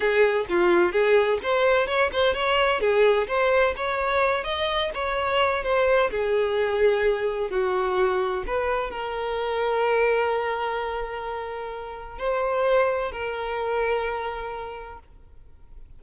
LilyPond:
\new Staff \with { instrumentName = "violin" } { \time 4/4 \tempo 4 = 128 gis'4 f'4 gis'4 c''4 | cis''8 c''8 cis''4 gis'4 c''4 | cis''4. dis''4 cis''4. | c''4 gis'2. |
fis'2 b'4 ais'4~ | ais'1~ | ais'2 c''2 | ais'1 | }